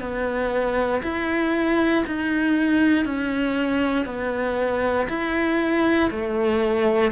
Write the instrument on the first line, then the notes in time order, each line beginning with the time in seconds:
cello
0.00 B3
1.03 E4
2.07 D#4
3.06 C#4
4.06 B3
5.09 E4
6.11 A3